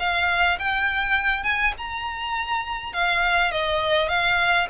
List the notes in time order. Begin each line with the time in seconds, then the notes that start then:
0.00 F5
0.60 G5
1.44 G#5
1.78 A#5
2.94 F5
3.52 D#5
4.09 F5